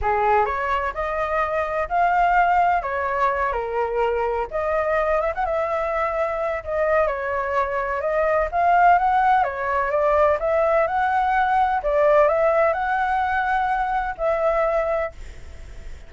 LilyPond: \new Staff \with { instrumentName = "flute" } { \time 4/4 \tempo 4 = 127 gis'4 cis''4 dis''2 | f''2 cis''4. ais'8~ | ais'4. dis''4. e''16 fis''16 e''8~ | e''2 dis''4 cis''4~ |
cis''4 dis''4 f''4 fis''4 | cis''4 d''4 e''4 fis''4~ | fis''4 d''4 e''4 fis''4~ | fis''2 e''2 | }